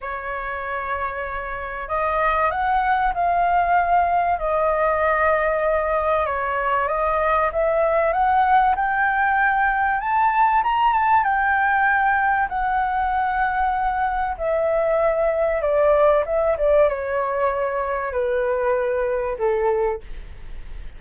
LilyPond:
\new Staff \with { instrumentName = "flute" } { \time 4/4 \tempo 4 = 96 cis''2. dis''4 | fis''4 f''2 dis''4~ | dis''2 cis''4 dis''4 | e''4 fis''4 g''2 |
a''4 ais''8 a''8 g''2 | fis''2. e''4~ | e''4 d''4 e''8 d''8 cis''4~ | cis''4 b'2 a'4 | }